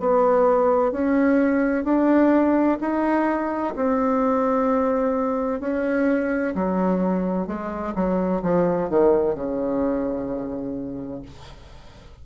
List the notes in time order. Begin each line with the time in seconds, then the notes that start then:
0.00 B3
0.92 C#4
1.84 D4
2.80 D#4
3.76 C4
5.60 C#4
6.55 F#3
7.47 G#3
7.95 F#3
8.42 F3
8.89 D#3
9.35 C#3